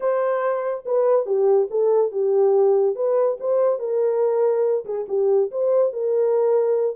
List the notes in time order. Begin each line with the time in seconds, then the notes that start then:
0.00 C5
0.85 B4
1.26 G4
1.70 A4
2.11 G4
2.95 B4
3.40 C5
3.79 A#4
4.85 G#4
5.08 G4
5.51 C5
5.92 A#4